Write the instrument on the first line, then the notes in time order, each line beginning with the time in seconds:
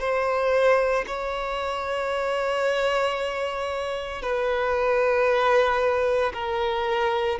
violin
0.00 C5
1.07 C#5
4.22 B4
6.33 A#4